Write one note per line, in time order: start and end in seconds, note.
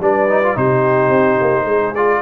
0.00 0.56 G3
0.00 0.28 D4
0.00 0.57 B4
0.00 0.57 D5
0.28 0.42 D#4
0.43 0.55 F4
0.55 1.10 C3
0.55 1.94 D#4
0.55 1.65 G4
0.55 1.95 C5
1.10 1.37 C4
1.42 1.65 A#3
1.65 2.20 G#3
1.65 2.20 G#4
1.95 2.22 F4
1.95 2.22 D5